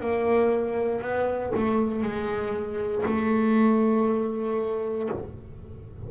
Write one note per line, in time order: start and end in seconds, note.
0.00 1.01 A#3
1.01 1.52 B3
1.55 2.02 A3
2.02 3.04 G#3
3.06 5.09 A3